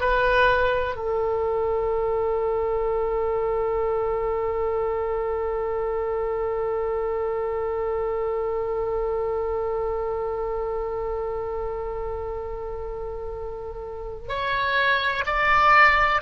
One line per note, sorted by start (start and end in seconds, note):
0.00 0.95 B4
0.95 14.28 A4
14.29 15.24 C#5
15.26 16.21 D5